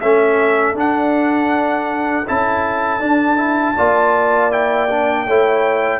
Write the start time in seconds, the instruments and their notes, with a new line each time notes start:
0.00 tuba A3, trombone C#4, horn A4, trumpet E5
0.74 tuba D4, trombone D4, trumpet F#5
2.27 tuba C#4, trombone E4, trumpet A5
3.00 trombone D4, tuba D4
3.37 trombone E4
3.75 tuba A#3, trombone F4, horn D5
4.51 trombone E4, trumpet G5
4.89 trombone D4
5.26 tuba A3, trombone E4, horn C#5